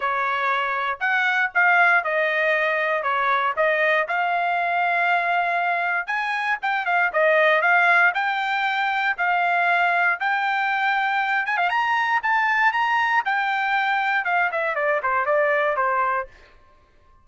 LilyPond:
\new Staff \with { instrumentName = "trumpet" } { \time 4/4 \tempo 4 = 118 cis''2 fis''4 f''4 | dis''2 cis''4 dis''4 | f''1 | gis''4 g''8 f''8 dis''4 f''4 |
g''2 f''2 | g''2~ g''8 gis''16 f''16 ais''4 | a''4 ais''4 g''2 | f''8 e''8 d''8 c''8 d''4 c''4 | }